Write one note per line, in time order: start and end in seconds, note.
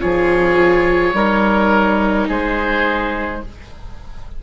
0.00 1.13 F3
0.00 1.13 F4
0.00 1.15 G#4
0.00 2.27 C#5
1.13 2.26 G3
1.13 3.41 D#4
1.13 2.28 A#4
2.28 3.42 G#3
2.28 3.41 G#4
2.28 3.43 C5